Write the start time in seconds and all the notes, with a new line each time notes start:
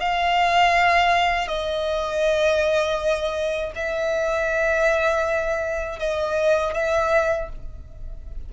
0.00 F5
1.48 D#5
3.75 E5
5.99 D#5
6.74 E5